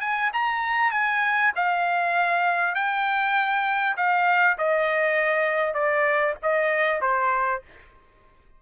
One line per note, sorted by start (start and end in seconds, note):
0.00 0.30 G#5
0.33 0.91 A#5
0.91 1.52 G#5
1.55 2.75 F5
2.75 3.96 G5
3.96 4.57 F5
4.58 5.74 D#5
5.74 6.34 D5
6.42 7.01 D#5
7.01 7.62 C5